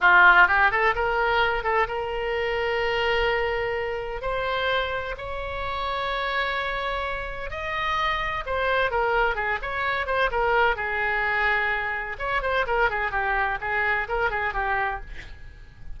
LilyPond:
\new Staff \with { instrumentName = "oboe" } { \time 4/4 \tempo 4 = 128 f'4 g'8 a'8 ais'4. a'8 | ais'1~ | ais'4 c''2 cis''4~ | cis''1 |
dis''2 c''4 ais'4 | gis'8 cis''4 c''8 ais'4 gis'4~ | gis'2 cis''8 c''8 ais'8 gis'8 | g'4 gis'4 ais'8 gis'8 g'4 | }